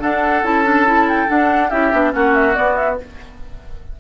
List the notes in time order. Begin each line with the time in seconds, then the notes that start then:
0.00 D4 A4 F#5
0.42 C#4 E4 A5
0.65 D4
0.86 E4
1.09 G5
1.27 D4 F#5
1.70 C#4 E4 G4 E5
1.93 B3 D4
2.11 A#3 C#4 F#4 F#5
2.35 E5
2.54 B3 D5
2.76 E5